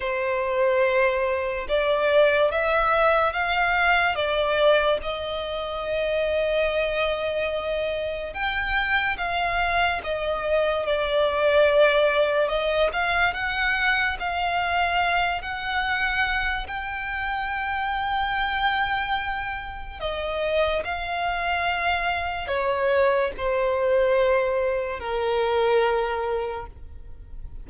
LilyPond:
\new Staff \with { instrumentName = "violin" } { \time 4/4 \tempo 4 = 72 c''2 d''4 e''4 | f''4 d''4 dis''2~ | dis''2 g''4 f''4 | dis''4 d''2 dis''8 f''8 |
fis''4 f''4. fis''4. | g''1 | dis''4 f''2 cis''4 | c''2 ais'2 | }